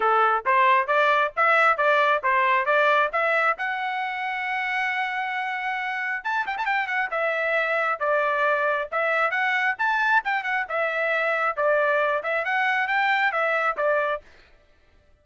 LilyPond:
\new Staff \with { instrumentName = "trumpet" } { \time 4/4 \tempo 4 = 135 a'4 c''4 d''4 e''4 | d''4 c''4 d''4 e''4 | fis''1~ | fis''2 a''8 g''16 a''16 g''8 fis''8 |
e''2 d''2 | e''4 fis''4 a''4 g''8 fis''8 | e''2 d''4. e''8 | fis''4 g''4 e''4 d''4 | }